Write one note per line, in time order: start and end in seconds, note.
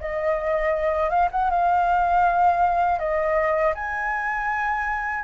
0.00 1.09 D#5
1.09 1.28 F5
1.31 1.50 F#5
1.50 2.99 F5
2.99 3.74 D#5
3.74 5.23 G#5